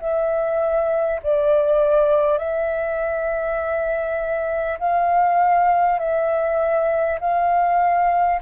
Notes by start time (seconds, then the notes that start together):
0.00 E5
1.23 D5
2.38 E5
4.79 F5
5.99 E5
7.21 F5